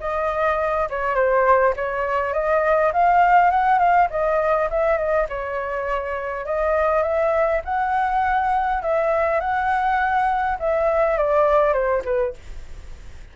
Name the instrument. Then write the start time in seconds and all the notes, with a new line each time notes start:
flute
0.00 D#5
0.89 C#5
1.15 C5
1.76 C#5
2.33 D#5
2.93 F5
3.51 F#5
3.78 F5
4.10 D#5
4.70 E5
4.97 D#5
5.29 C#5
6.45 D#5
7.02 E5
7.64 F#5
8.82 E5
9.40 F#5
10.59 E5
11.17 D5
11.73 C5
12.04 B4